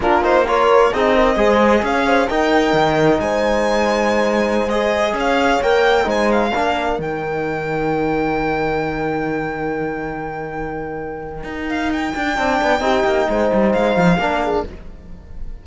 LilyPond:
<<
  \new Staff \with { instrumentName = "violin" } { \time 4/4 \tempo 4 = 131 ais'8 c''8 cis''4 dis''2 | f''4 g''2 gis''4~ | gis''2~ gis''16 dis''4 f''8.~ | f''16 g''4 gis''8 f''4. g''8.~ |
g''1~ | g''1~ | g''4. f''8 g''2~ | g''2 f''2 | }
  \new Staff \with { instrumentName = "horn" } { \time 4/4 f'4 ais'4 gis'8 ais'8 c''4 | cis''8 c''8 ais'2 c''4~ | c''2.~ c''16 cis''8.~ | cis''4~ cis''16 c''4 ais'4.~ ais'16~ |
ais'1~ | ais'1~ | ais'2. d''4 | g'4 c''2 ais'8 gis'8 | }
  \new Staff \with { instrumentName = "trombone" } { \time 4/4 d'8 dis'8 f'4 dis'4 gis'4~ | gis'4 dis'2.~ | dis'2~ dis'16 gis'4.~ gis'16~ | gis'16 ais'4 dis'4 d'4 dis'8.~ |
dis'1~ | dis'1~ | dis'2. d'4 | dis'2. d'4 | }
  \new Staff \with { instrumentName = "cello" } { \time 4/4 ais2 c'4 gis4 | cis'4 dis'4 dis4 gis4~ | gis2.~ gis16 cis'8.~ | cis'16 ais4 gis4 ais4 dis8.~ |
dis1~ | dis1~ | dis4 dis'4. d'8 c'8 b8 | c'8 ais8 gis8 g8 gis8 f8 ais4 | }
>>